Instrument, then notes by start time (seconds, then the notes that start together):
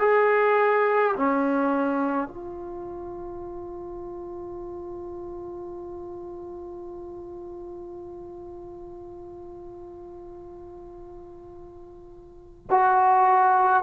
trombone
0.00 G#4
1.16 C#4
2.28 F4
12.70 F#4